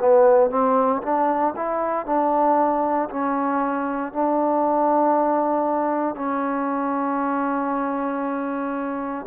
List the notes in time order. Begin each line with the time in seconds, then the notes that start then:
0.00 B3
0.50 C4
1.03 D4
1.57 E4
2.06 D4
3.10 C#4
4.13 D4
6.16 C#4